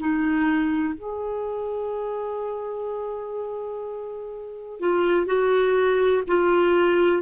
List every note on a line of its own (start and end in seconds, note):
0.00 0.95 D#4
0.95 4.80 G#4
4.80 5.27 F4
5.27 6.23 F#4
6.28 7.23 F4